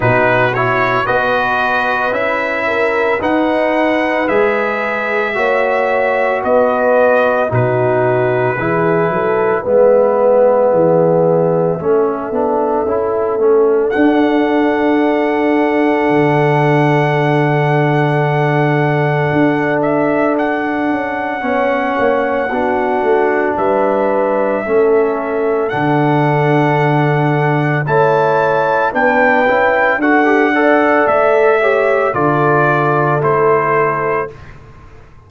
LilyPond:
<<
  \new Staff \with { instrumentName = "trumpet" } { \time 4/4 \tempo 4 = 56 b'8 cis''8 dis''4 e''4 fis''4 | e''2 dis''4 b'4~ | b'4 e''2.~ | e''4 fis''2.~ |
fis''2~ fis''8 e''8 fis''4~ | fis''2 e''2 | fis''2 a''4 g''4 | fis''4 e''4 d''4 c''4 | }
  \new Staff \with { instrumentName = "horn" } { \time 4/4 fis'4 b'4. ais'8 b'4~ | b'4 cis''4 b'4 fis'4 | gis'8 a'8 b'4 gis'4 a'4~ | a'1~ |
a'1 | cis''4 fis'4 b'4 a'4~ | a'2 cis''4 b'4 | a'8 d''4 cis''8 a'2 | }
  \new Staff \with { instrumentName = "trombone" } { \time 4/4 dis'8 e'8 fis'4 e'4 dis'4 | gis'4 fis'2 dis'4 | e'4 b2 cis'8 d'8 | e'8 cis'8 d'2.~ |
d'1 | cis'4 d'2 cis'4 | d'2 e'4 d'8 e'8 | fis'16 g'16 a'4 g'8 f'4 e'4 | }
  \new Staff \with { instrumentName = "tuba" } { \time 4/4 b,4 b4 cis'4 dis'4 | gis4 ais4 b4 b,4 | e8 fis8 gis4 e4 a8 b8 | cis'8 a8 d'2 d4~ |
d2 d'4. cis'8 | b8 ais8 b8 a8 g4 a4 | d2 a4 b8 cis'8 | d'4 a4 d4 a4 | }
>>